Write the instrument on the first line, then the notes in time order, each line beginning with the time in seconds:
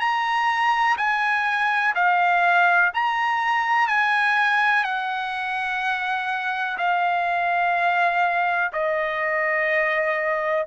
trumpet
0.00 A#5
0.98 G#5
1.95 F5
2.94 A#5
3.88 G#5
4.84 F#5
6.78 F5
8.73 D#5